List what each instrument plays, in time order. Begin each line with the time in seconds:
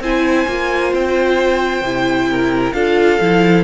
0.00 cello C4, viola E4, violin C5 G#5
0.47 cello A#3, viola F4
0.93 cello C4, violin G5
1.81 cello C3, viola E4
2.30 violin A#4
2.73 cello D4, viola F4, violin A4 F5
3.20 cello F3, viola E4